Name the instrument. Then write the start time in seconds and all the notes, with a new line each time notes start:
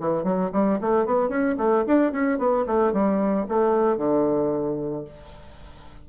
bassoon
0.00 E3
0.24 F#3
0.52 G3
0.81 A3
1.06 B3
1.29 C#4
1.58 A3
1.87 D4
2.12 C#4
2.38 B3
2.66 A3
2.93 G3
3.48 A3
3.97 D3